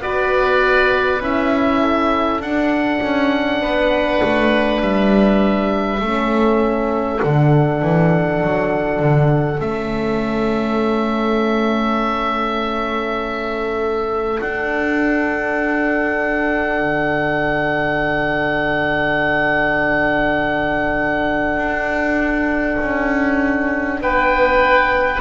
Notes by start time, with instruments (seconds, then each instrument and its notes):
0.00 double bass B3, horn F#4, oboe B4 D5
1.20 double bass C#4, horn E4, oboe E5
1.82 oboe A4
2.40 double bass D4, horn D4, oboe F#5
3.02 double bass C#4
3.62 double bass B3, oboe B4
4.24 double bass A3
4.81 double bass G3, oboe E5
6.00 double bass A3, horn C#4, oboe A4
7.22 double bass D3, horn D4, oboe F#5
7.82 double bass E3
8.43 double bass F#3
9.00 double bass D3
9.60 double bass A3, horn C#4, oboe E5
14.41 horn D4, double bass D4, oboe F#5
16.81 double bass D3
21.57 double bass D4
22.81 double bass C#4
24.01 double bass B3, oboe B4 G5